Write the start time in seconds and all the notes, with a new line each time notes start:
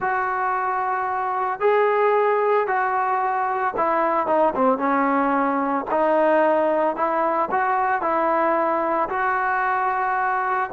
0.00 F#4
1.59 G#4
2.67 F#4
3.76 E4
4.27 D#4
4.55 C4
4.78 C#4
5.90 D#4
6.95 E4
7.51 F#4
8.01 E4
9.09 F#4